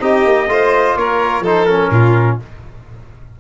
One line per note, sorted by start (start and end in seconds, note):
0.00 0.25 C4
0.00 0.48 D#4
0.00 0.50 G4
0.00 0.97 D#5
0.25 0.49 A#3
0.49 0.96 A3
0.49 1.44 F4
0.49 0.98 C5
0.96 1.41 A#3
0.96 1.43 A#4
0.96 1.45 C#5
1.41 1.88 F3
1.41 1.68 D#4
1.41 1.91 A4
1.47 1.66 C5
1.66 2.40 C#4
1.66 2.37 A#4
1.91 2.38 A#2
1.91 2.41 F4